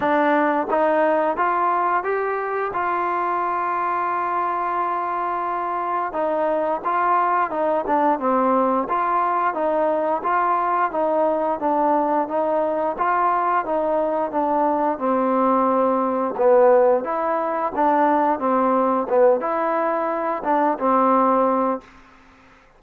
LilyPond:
\new Staff \with { instrumentName = "trombone" } { \time 4/4 \tempo 4 = 88 d'4 dis'4 f'4 g'4 | f'1~ | f'4 dis'4 f'4 dis'8 d'8 | c'4 f'4 dis'4 f'4 |
dis'4 d'4 dis'4 f'4 | dis'4 d'4 c'2 | b4 e'4 d'4 c'4 | b8 e'4. d'8 c'4. | }